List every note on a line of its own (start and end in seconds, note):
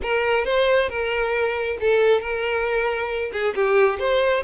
0.02 0.44 A#4
0.44 0.89 C5
0.89 1.78 A#4
1.80 2.20 A4
2.20 3.31 A#4
3.32 3.54 G#4
3.55 3.99 G4
3.99 4.43 C5